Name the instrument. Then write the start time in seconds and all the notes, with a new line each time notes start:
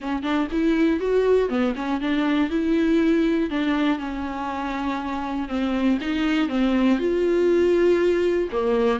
viola
0.00 C#4
0.22 D4
0.51 E4
1.00 F#4
1.49 B3
1.75 C#4
2.00 D4
2.50 E4
3.50 D4
3.98 C#4
5.48 C4
6.00 D#4
6.48 C4
6.98 F4
8.51 A#3